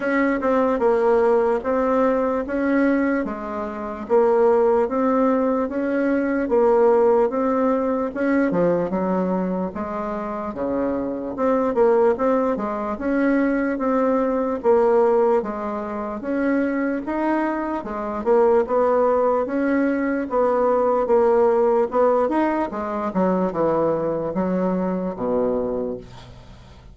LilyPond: \new Staff \with { instrumentName = "bassoon" } { \time 4/4 \tempo 4 = 74 cis'8 c'8 ais4 c'4 cis'4 | gis4 ais4 c'4 cis'4 | ais4 c'4 cis'8 f8 fis4 | gis4 cis4 c'8 ais8 c'8 gis8 |
cis'4 c'4 ais4 gis4 | cis'4 dis'4 gis8 ais8 b4 | cis'4 b4 ais4 b8 dis'8 | gis8 fis8 e4 fis4 b,4 | }